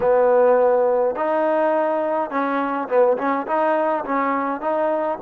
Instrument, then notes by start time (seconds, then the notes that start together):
trombone
0.00 B3
1.15 D#4
2.30 C#4
2.88 B3
3.17 C#4
3.46 D#4
4.05 C#4
4.60 D#4